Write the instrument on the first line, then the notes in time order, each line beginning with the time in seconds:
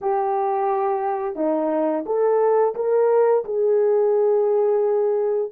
horn
0.01 G4
1.35 D#4
2.05 A4
2.75 A#4
3.44 G#4